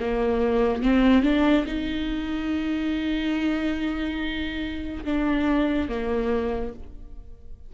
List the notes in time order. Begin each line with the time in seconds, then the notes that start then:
0.00 A#3
0.83 C4
1.23 D4
1.66 D#4
5.05 D4
5.89 A#3